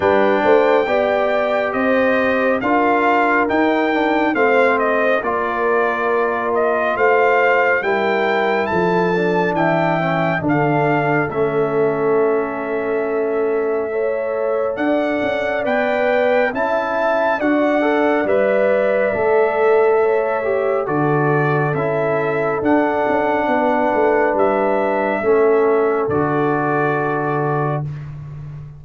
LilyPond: <<
  \new Staff \with { instrumentName = "trumpet" } { \time 4/4 \tempo 4 = 69 g''2 dis''4 f''4 | g''4 f''8 dis''8 d''4. dis''8 | f''4 g''4 a''4 g''4 | f''4 e''2.~ |
e''4 fis''4 g''4 a''4 | fis''4 e''2. | d''4 e''4 fis''2 | e''2 d''2 | }
  \new Staff \with { instrumentName = "horn" } { \time 4/4 b'8 c''8 d''4 c''4 ais'4~ | ais'4 c''4 ais'2 | c''4 ais'4 a'4 e''4 | a'1 |
cis''4 d''2 e''4 | d''2. cis''4 | a'2. b'4~ | b'4 a'2. | }
  \new Staff \with { instrumentName = "trombone" } { \time 4/4 d'4 g'2 f'4 | dis'8 d'8 c'4 f'2~ | f'4 e'4. d'4 cis'8 | d'4 cis'2. |
a'2 b'4 e'4 | fis'8 a'8 b'4 a'4. g'8 | fis'4 e'4 d'2~ | d'4 cis'4 fis'2 | }
  \new Staff \with { instrumentName = "tuba" } { \time 4/4 g8 a8 b4 c'4 d'4 | dis'4 a4 ais2 | a4 g4 f4 e4 | d4 a2.~ |
a4 d'8 cis'8 b4 cis'4 | d'4 g4 a2 | d4 cis'4 d'8 cis'8 b8 a8 | g4 a4 d2 | }
>>